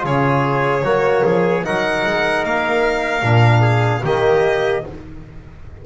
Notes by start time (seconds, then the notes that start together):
0.00 C#3 F4 G#4 C#5
0.82 F#3 A#3 F#4
1.24 F3 G#4
1.63 F#3 D#4 A#4 F#5
2.05 G#3
2.44 A#3 F5
3.22 A#2 D4
3.61 G#4
4.03 D#3 A#3 G4 D#5